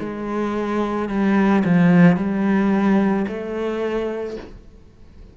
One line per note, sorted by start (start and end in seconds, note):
0.00 1.09 G#3
1.09 1.64 G3
1.65 2.17 F3
2.17 3.26 G3
3.28 4.37 A3